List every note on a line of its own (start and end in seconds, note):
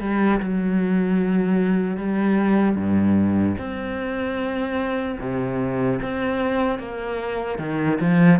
0.00 0.40 G3
0.40 1.97 F#3
1.97 2.77 G3
2.77 3.57 G2
3.59 5.19 C4
5.20 6.00 C3
6.02 6.79 C4
6.79 7.59 A#3
7.59 7.99 D#3
8.00 8.40 F3